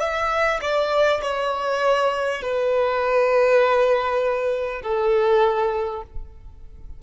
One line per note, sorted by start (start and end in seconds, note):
0.00 0.60 E5
0.62 1.22 D5
1.22 2.42 C#5
2.42 4.82 B4
4.83 6.03 A4